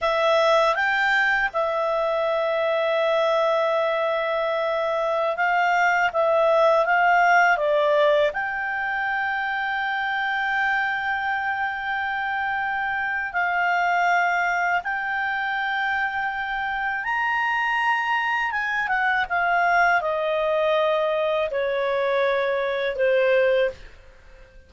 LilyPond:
\new Staff \with { instrumentName = "clarinet" } { \time 4/4 \tempo 4 = 81 e''4 g''4 e''2~ | e''2.~ e''16 f''8.~ | f''16 e''4 f''4 d''4 g''8.~ | g''1~ |
g''2 f''2 | g''2. ais''4~ | ais''4 gis''8 fis''8 f''4 dis''4~ | dis''4 cis''2 c''4 | }